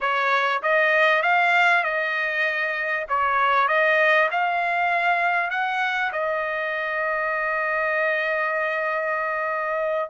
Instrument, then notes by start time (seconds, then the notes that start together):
trumpet
0.00 C#5
0.62 D#5
1.22 F5
1.83 D#5
3.08 C#5
3.67 D#5
4.31 F5
5.50 F#5
6.12 D#5